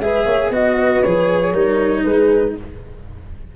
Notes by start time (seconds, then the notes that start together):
0.00 G#3 G#4 B4 E5
0.25 A#3 C#5
0.50 B3 F#4 D#5
0.77 B4
1.03 F3 G#4 C#5
1.52 G3 D#4 A#4
2.03 G#3 G#4 B4